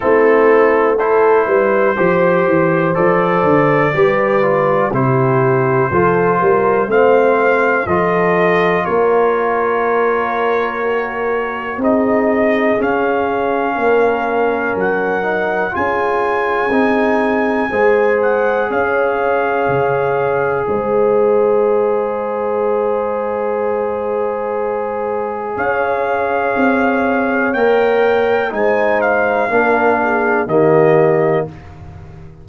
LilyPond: <<
  \new Staff \with { instrumentName = "trumpet" } { \time 4/4 \tempo 4 = 61 a'4 c''2 d''4~ | d''4 c''2 f''4 | dis''4 cis''2. | dis''4 f''2 fis''4 |
gis''2~ gis''8 fis''8 f''4~ | f''4 dis''2.~ | dis''2 f''2 | g''4 gis''8 f''4. dis''4 | }
  \new Staff \with { instrumentName = "horn" } { \time 4/4 e'4 a'8 b'8 c''2 | b'4 g'4 a'8 ais'8 c''4 | a'4 ais'2. | gis'2 ais'2 |
gis'2 c''4 cis''4~ | cis''4 c''2.~ | c''2 cis''2~ | cis''4 c''4 ais'8 gis'8 g'4 | }
  \new Staff \with { instrumentName = "trombone" } { \time 4/4 c'4 e'4 g'4 a'4 | g'8 f'8 e'4 f'4 c'4 | f'2. fis'4 | dis'4 cis'2~ cis'8 dis'8 |
f'4 dis'4 gis'2~ | gis'1~ | gis'1 | ais'4 dis'4 d'4 ais4 | }
  \new Staff \with { instrumentName = "tuba" } { \time 4/4 a4. g8 f8 e8 f8 d8 | g4 c4 f8 g8 a4 | f4 ais2. | c'4 cis'4 ais4 fis4 |
cis'4 c'4 gis4 cis'4 | cis4 gis2.~ | gis2 cis'4 c'4 | ais4 gis4 ais4 dis4 | }
>>